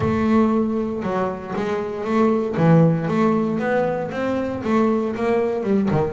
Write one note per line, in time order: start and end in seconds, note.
0.00 1.02 A3
1.02 1.54 F#3
1.56 2.04 G#3
2.04 2.55 A3
2.56 3.08 E3
3.08 3.59 A3
3.59 4.10 B3
4.11 4.62 C4
4.63 5.15 A3
5.15 5.63 A#3
5.63 5.88 G3
5.90 6.13 D#3